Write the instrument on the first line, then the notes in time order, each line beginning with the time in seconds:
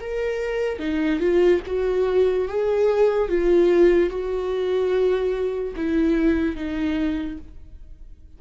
viola
0.00 A#4
0.79 D#4
1.20 F4
1.66 F#4
2.48 G#4
3.28 F4
4.10 F#4
5.76 E4
6.56 D#4